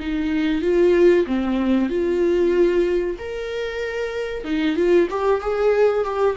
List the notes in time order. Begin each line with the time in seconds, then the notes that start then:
0.00 D#4
0.62 F4
1.26 C4
1.89 F4
3.19 A#4
4.44 D#4
4.76 F4
5.10 G4
5.41 G#4
6.05 G4